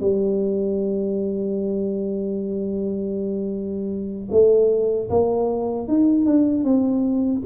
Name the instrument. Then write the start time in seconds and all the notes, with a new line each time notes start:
tuba
0.00 G3
4.31 A3
5.09 A#3
5.87 D#4
6.25 D4
6.64 C4